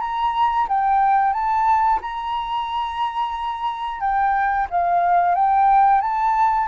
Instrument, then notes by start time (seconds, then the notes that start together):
flute
0.00 A#5
0.68 G5
1.33 A5
2.01 A#5
4.00 G5
4.70 F5
5.35 G5
6.01 A5